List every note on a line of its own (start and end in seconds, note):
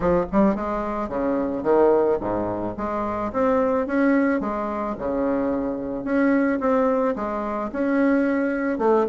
0.00 0.25 F3
0.32 0.55 G3
0.55 1.08 G#3
1.08 1.63 C#3
1.63 2.18 D#3
2.20 2.75 G#2
2.77 3.32 G#3
3.32 3.87 C4
3.87 4.40 C#4
4.40 4.95 G#3
4.98 6.04 C#3
6.04 6.59 C#4
6.60 7.15 C4
7.15 7.70 G#3
7.72 8.78 C#4
8.78 9.06 A3